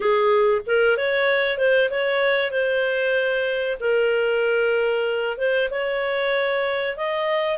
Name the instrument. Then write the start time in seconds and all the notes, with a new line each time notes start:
clarinet
0.00 G#4
0.66 A#4
0.97 C#5
1.58 C5
1.90 C#5
2.51 C5
3.80 A#4
5.37 C5
5.70 C#5
6.96 D#5